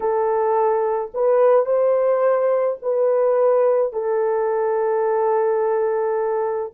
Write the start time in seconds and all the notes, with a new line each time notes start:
0.00 A4
1.14 B4
1.65 C5
2.81 B4
3.93 A4